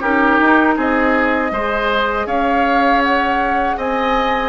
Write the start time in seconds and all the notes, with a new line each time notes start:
0.00 C#4 D#4 G4 A#4
0.40 D#4
0.77 C4 G#4 D#5
1.51 G#3 G#4 C5
2.26 C#4 C#5 F5
3.03 F#5
3.77 C4 D#5 G#5